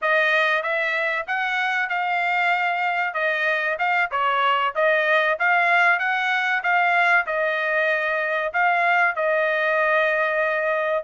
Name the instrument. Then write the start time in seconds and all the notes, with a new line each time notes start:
trumpet
0.01 D#5
0.62 E5
1.27 F#5
1.89 F5
3.14 D#5
3.79 F5
4.11 C#5
4.75 D#5
5.39 F5
5.99 F#5
6.63 F5
7.26 D#5
8.53 F5
9.15 D#5